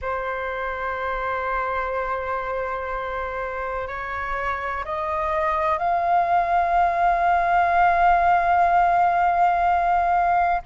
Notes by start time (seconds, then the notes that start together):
0.01 C5
3.87 C#5
4.84 D#5
5.78 F5